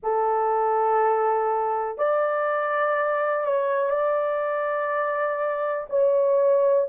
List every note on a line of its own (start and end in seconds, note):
0.03 1.98 A4
1.98 3.45 D5
3.45 3.90 C#5
3.90 5.87 D5
5.89 6.88 C#5